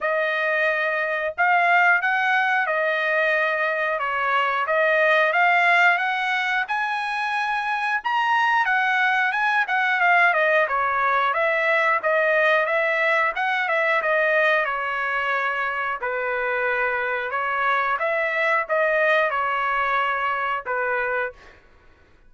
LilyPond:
\new Staff \with { instrumentName = "trumpet" } { \time 4/4 \tempo 4 = 90 dis''2 f''4 fis''4 | dis''2 cis''4 dis''4 | f''4 fis''4 gis''2 | ais''4 fis''4 gis''8 fis''8 f''8 dis''8 |
cis''4 e''4 dis''4 e''4 | fis''8 e''8 dis''4 cis''2 | b'2 cis''4 e''4 | dis''4 cis''2 b'4 | }